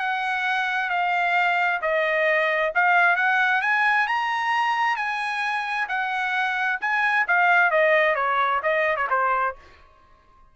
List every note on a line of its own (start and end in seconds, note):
0.00 0.90 F#5
0.90 1.81 F5
1.82 2.73 D#5
2.75 3.17 F5
3.17 3.62 F#5
3.62 4.07 G#5
4.08 4.97 A#5
4.97 5.88 G#5
5.89 6.80 F#5
6.81 7.27 G#5
7.28 7.71 F5
7.71 8.15 D#5
8.15 8.61 C#5
8.63 8.97 D#5
8.97 9.08 C#5
9.10 9.56 C5